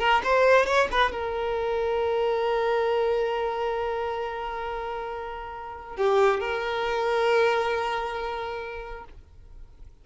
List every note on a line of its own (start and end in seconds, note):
0.00 0.22 A#4
0.24 0.66 C5
0.66 0.88 C#5
0.92 1.12 B4
1.12 5.97 A#4
5.97 6.41 G4
6.41 9.05 A#4